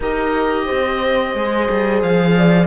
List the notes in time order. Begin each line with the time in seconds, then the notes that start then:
0.00 D#4 G4 A#4 D#5
0.65 C4 C5
1.34 G#3 G#4
1.70 G3
2.02 F3 F5
2.37 D5